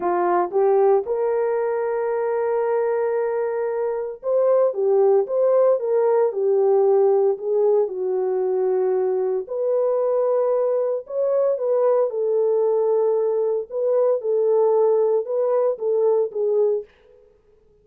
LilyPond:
\new Staff \with { instrumentName = "horn" } { \time 4/4 \tempo 4 = 114 f'4 g'4 ais'2~ | ais'1 | c''4 g'4 c''4 ais'4 | g'2 gis'4 fis'4~ |
fis'2 b'2~ | b'4 cis''4 b'4 a'4~ | a'2 b'4 a'4~ | a'4 b'4 a'4 gis'4 | }